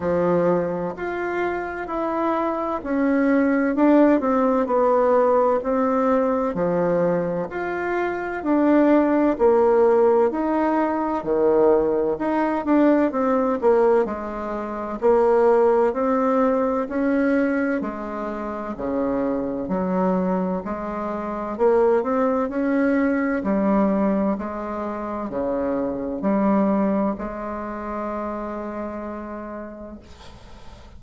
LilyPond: \new Staff \with { instrumentName = "bassoon" } { \time 4/4 \tempo 4 = 64 f4 f'4 e'4 cis'4 | d'8 c'8 b4 c'4 f4 | f'4 d'4 ais4 dis'4 | dis4 dis'8 d'8 c'8 ais8 gis4 |
ais4 c'4 cis'4 gis4 | cis4 fis4 gis4 ais8 c'8 | cis'4 g4 gis4 cis4 | g4 gis2. | }